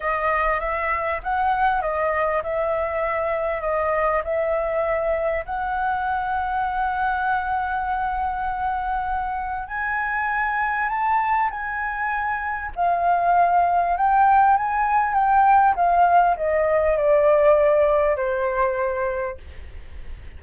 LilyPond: \new Staff \with { instrumentName = "flute" } { \time 4/4 \tempo 4 = 99 dis''4 e''4 fis''4 dis''4 | e''2 dis''4 e''4~ | e''4 fis''2.~ | fis''1 |
gis''2 a''4 gis''4~ | gis''4 f''2 g''4 | gis''4 g''4 f''4 dis''4 | d''2 c''2 | }